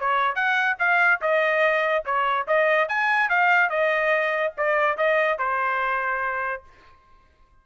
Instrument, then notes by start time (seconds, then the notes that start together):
trumpet
0.00 C#5
0.35 F#5
0.79 F5
1.21 D#5
2.06 C#5
2.48 D#5
2.89 G#5
3.30 F5
3.70 D#5
4.58 D5
4.97 D#5
5.39 C5